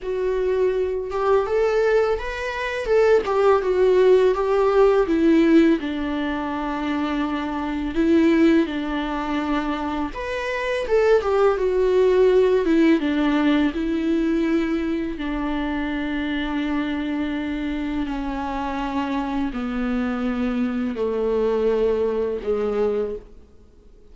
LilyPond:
\new Staff \with { instrumentName = "viola" } { \time 4/4 \tempo 4 = 83 fis'4. g'8 a'4 b'4 | a'8 g'8 fis'4 g'4 e'4 | d'2. e'4 | d'2 b'4 a'8 g'8 |
fis'4. e'8 d'4 e'4~ | e'4 d'2.~ | d'4 cis'2 b4~ | b4 a2 gis4 | }